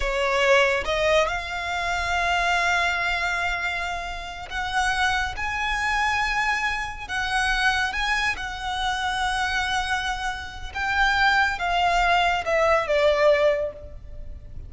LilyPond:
\new Staff \with { instrumentName = "violin" } { \time 4/4 \tempo 4 = 140 cis''2 dis''4 f''4~ | f''1~ | f''2~ f''8 fis''4.~ | fis''8 gis''2.~ gis''8~ |
gis''8 fis''2 gis''4 fis''8~ | fis''1~ | fis''4 g''2 f''4~ | f''4 e''4 d''2 | }